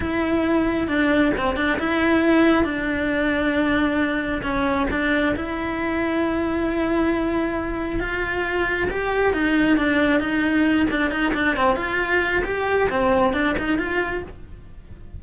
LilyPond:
\new Staff \with { instrumentName = "cello" } { \time 4/4 \tempo 4 = 135 e'2 d'4 c'8 d'8 | e'2 d'2~ | d'2 cis'4 d'4 | e'1~ |
e'2 f'2 | g'4 dis'4 d'4 dis'4~ | dis'8 d'8 dis'8 d'8 c'8 f'4. | g'4 c'4 d'8 dis'8 f'4 | }